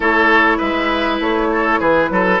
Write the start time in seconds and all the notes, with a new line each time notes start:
0.00 A3 E4 A4 C#5
0.57 G#3 B4 E5
1.20 A3 C#5
1.51 A4
1.79 E3 G#4 B4
2.10 F#3 A4